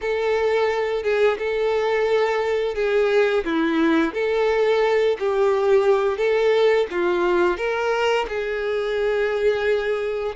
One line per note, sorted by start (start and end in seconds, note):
0.01 1.03 A4
1.03 1.37 G#4
1.38 2.75 A4
2.75 3.44 G#4
3.44 4.13 E4
4.13 5.17 A4
5.19 6.17 G4
6.17 6.86 A4
6.91 7.57 F4
7.57 8.26 A#4
8.28 10.35 G#4